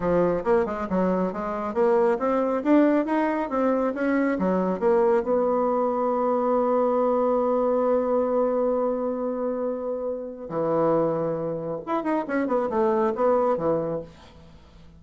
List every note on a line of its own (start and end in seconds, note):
0.00 0.43 F3
0.44 0.65 A#3
0.65 0.87 G#3
0.89 1.32 F#3
1.32 1.74 G#3
1.74 2.17 A#3
2.19 2.62 C4
2.63 3.05 D4
3.05 3.49 D#4
3.49 3.93 C4
3.94 4.38 C#4
4.39 4.79 F#3
4.79 5.23 A#3
5.23 10.49 B3
10.49 11.80 E3
11.86 12.03 E4
12.03 12.25 D#4
12.27 12.47 C#4
12.47 12.69 B3
12.69 13.13 A3
13.15 13.57 B3
13.57 14.01 E3